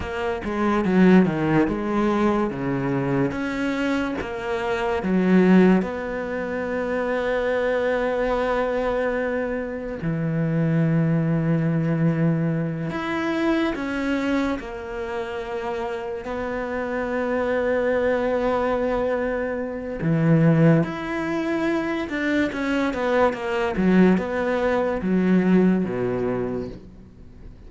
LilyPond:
\new Staff \with { instrumentName = "cello" } { \time 4/4 \tempo 4 = 72 ais8 gis8 fis8 dis8 gis4 cis4 | cis'4 ais4 fis4 b4~ | b1 | e2.~ e8 e'8~ |
e'8 cis'4 ais2 b8~ | b1 | e4 e'4. d'8 cis'8 b8 | ais8 fis8 b4 fis4 b,4 | }